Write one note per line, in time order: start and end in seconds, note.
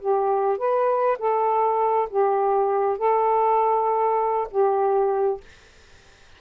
0.00 0.58 G4
0.58 1.18 B4
1.19 2.09 A4
2.10 2.98 G4
2.98 4.48 A4
4.51 5.41 G4